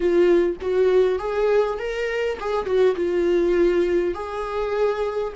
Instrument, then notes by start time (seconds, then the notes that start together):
viola
0.00 F4
0.61 F#4
1.19 G#4
1.78 A#4
2.40 G#4
2.65 F#4
2.95 F4
4.14 G#4